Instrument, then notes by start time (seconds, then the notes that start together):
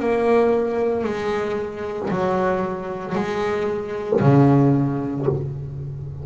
double bass
0.00 A#3
1.04 G#3
2.11 F#3
3.16 G#3
4.21 C#3